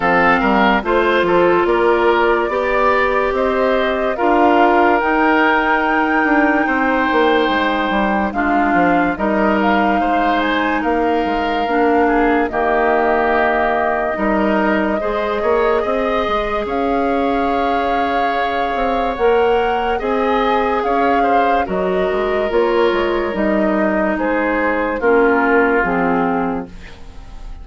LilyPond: <<
  \new Staff \with { instrumentName = "flute" } { \time 4/4 \tempo 4 = 72 f''4 c''4 d''2 | dis''4 f''4 g''2~ | g''2 f''4 dis''8 f''8~ | f''8 gis''8 f''2 dis''4~ |
dis''1 | f''2. fis''4 | gis''4 f''4 dis''4 cis''4 | dis''4 c''4 ais'4 gis'4 | }
  \new Staff \with { instrumentName = "oboe" } { \time 4/4 a'8 ais'8 c''8 a'8 ais'4 d''4 | c''4 ais'2. | c''2 f'4 ais'4 | c''4 ais'4. gis'8 g'4~ |
g'4 ais'4 c''8 cis''8 dis''4 | cis''1 | dis''4 cis''8 c''8 ais'2~ | ais'4 gis'4 f'2 | }
  \new Staff \with { instrumentName = "clarinet" } { \time 4/4 c'4 f'2 g'4~ | g'4 f'4 dis'2~ | dis'2 d'4 dis'4~ | dis'2 d'4 ais4~ |
ais4 dis'4 gis'2~ | gis'2. ais'4 | gis'2 fis'4 f'4 | dis'2 cis'4 c'4 | }
  \new Staff \with { instrumentName = "bassoon" } { \time 4/4 f8 g8 a8 f8 ais4 b4 | c'4 d'4 dis'4. d'8 | c'8 ais8 gis8 g8 gis8 f8 g4 | gis4 ais8 gis8 ais4 dis4~ |
dis4 g4 gis8 ais8 c'8 gis8 | cis'2~ cis'8 c'8 ais4 | c'4 cis'4 fis8 gis8 ais8 gis8 | g4 gis4 ais4 f4 | }
>>